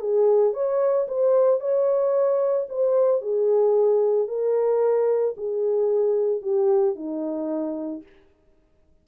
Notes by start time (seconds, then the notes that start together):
0.00 G#4
0.53 C#5
1.08 C5
1.60 C#5
2.69 C5
3.21 G#4
4.28 A#4
5.37 G#4
6.42 G4
6.95 D#4